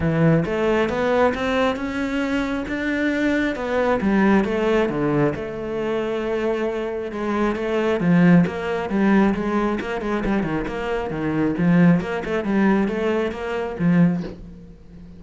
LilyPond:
\new Staff \with { instrumentName = "cello" } { \time 4/4 \tempo 4 = 135 e4 a4 b4 c'4 | cis'2 d'2 | b4 g4 a4 d4 | a1 |
gis4 a4 f4 ais4 | g4 gis4 ais8 gis8 g8 dis8 | ais4 dis4 f4 ais8 a8 | g4 a4 ais4 f4 | }